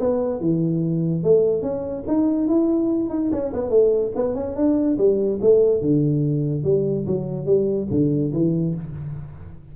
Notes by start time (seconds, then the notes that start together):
0.00 B3
0.41 E3
1.23 A3
1.62 C#4
2.08 D#4
2.48 E4
3.10 D#4
3.32 C#4
3.53 B3
3.70 A3
4.16 B3
4.35 C#4
4.56 D4
4.98 G3
5.42 A3
5.81 D3
6.64 G3
7.07 F#3
7.46 G3
7.91 D3
8.33 E3